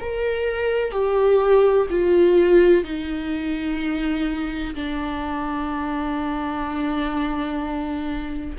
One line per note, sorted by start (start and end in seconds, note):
0.00 0.91 A#4
0.91 1.87 G4
1.90 2.84 F4
2.84 4.74 D#4
4.75 8.56 D4